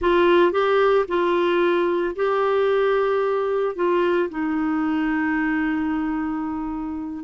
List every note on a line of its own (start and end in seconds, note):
0.01 0.52 F4
0.52 1.05 G4
1.07 2.15 F4
2.15 3.75 G4
3.75 4.29 F4
4.29 7.24 D#4